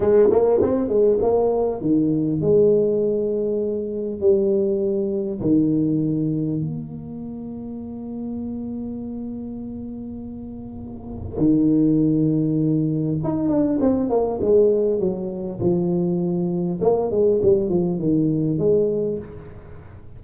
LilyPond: \new Staff \with { instrumentName = "tuba" } { \time 4/4 \tempo 4 = 100 gis8 ais8 c'8 gis8 ais4 dis4 | gis2. g4~ | g4 dis2 ais4~ | ais1~ |
ais2. dis4~ | dis2 dis'8 d'8 c'8 ais8 | gis4 fis4 f2 | ais8 gis8 g8 f8 dis4 gis4 | }